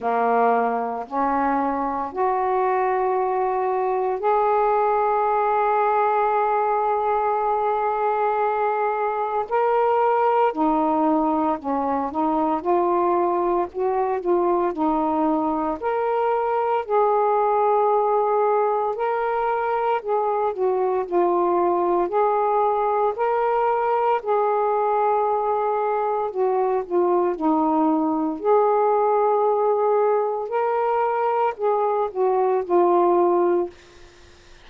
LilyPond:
\new Staff \with { instrumentName = "saxophone" } { \time 4/4 \tempo 4 = 57 ais4 cis'4 fis'2 | gis'1~ | gis'4 ais'4 dis'4 cis'8 dis'8 | f'4 fis'8 f'8 dis'4 ais'4 |
gis'2 ais'4 gis'8 fis'8 | f'4 gis'4 ais'4 gis'4~ | gis'4 fis'8 f'8 dis'4 gis'4~ | gis'4 ais'4 gis'8 fis'8 f'4 | }